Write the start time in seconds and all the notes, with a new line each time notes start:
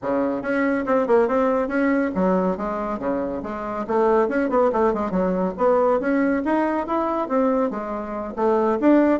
0.01 C#3
0.42 C#4
0.86 C4
1.07 A#3
1.28 C4
1.68 C#4
2.14 F#3
2.57 G#3
2.98 C#3
3.42 G#3
3.87 A3
4.28 C#4
4.49 B3
4.72 A3
4.93 G#3
5.10 F#3
5.57 B3
6.00 C#4
6.44 D#4
6.86 E4
7.28 C4
7.70 G#3
8.36 A3
8.80 D4